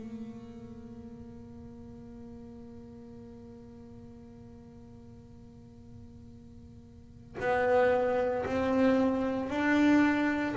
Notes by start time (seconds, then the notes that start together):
0.00 A#3
7.40 B3
8.45 C4
9.50 D4